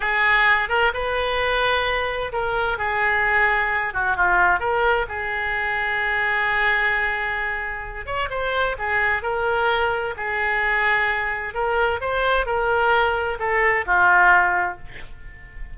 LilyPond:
\new Staff \with { instrumentName = "oboe" } { \time 4/4 \tempo 4 = 130 gis'4. ais'8 b'2~ | b'4 ais'4 gis'2~ | gis'8 fis'8 f'4 ais'4 gis'4~ | gis'1~ |
gis'4. cis''8 c''4 gis'4 | ais'2 gis'2~ | gis'4 ais'4 c''4 ais'4~ | ais'4 a'4 f'2 | }